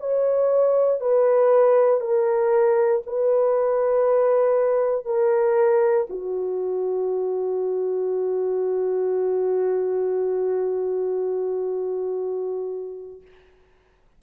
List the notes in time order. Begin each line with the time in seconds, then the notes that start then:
0.00 C#5
1.01 B4
2.01 A#4
3.07 B4
5.06 A#4
6.10 F#4